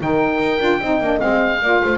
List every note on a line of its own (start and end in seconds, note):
0.00 0.39 D#3
0.00 0.60 D#4
0.00 0.80 A#4
0.00 1.20 G5
0.39 0.59 D#4
0.60 0.81 D4
0.60 0.80 F4
0.81 1.01 C4
0.81 1.02 D#4
0.81 1.61 D#5
1.01 1.21 A#3
1.01 1.20 D4
1.20 1.62 G#3
1.20 1.60 C4
1.20 1.99 F5
1.62 1.82 A#3
1.62 1.99 F4
1.62 1.83 D5
1.84 1.99 A3
1.84 1.99 C5